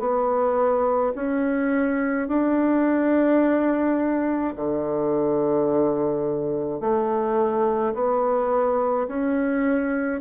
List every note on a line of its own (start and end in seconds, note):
0.00 1.13 B3
1.15 2.28 C#4
2.28 4.54 D4
4.56 6.80 D3
6.80 7.93 A3
7.94 9.07 B3
9.08 10.21 C#4